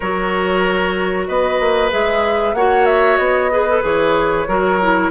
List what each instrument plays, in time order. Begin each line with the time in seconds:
0.00 bassoon F#3, clarinet F#4, oboe A#4, flute C#5
1.27 bassoon B3, oboe B4, flute D#5
1.59 bassoon A#3
1.90 bassoon G#3, clarinet G#4, flute E5
2.53 bassoon A#3, clarinet F#4, oboe C#5, flute F#5
2.85 flute E5
3.17 bassoon B3, flute D#5
3.51 clarinet G#4, oboe B4
3.68 clarinet A4
3.82 bassoon E3, clarinet G#4, flute C#5
4.47 bassoon F#3, clarinet F#4, oboe A#4
4.81 clarinet E4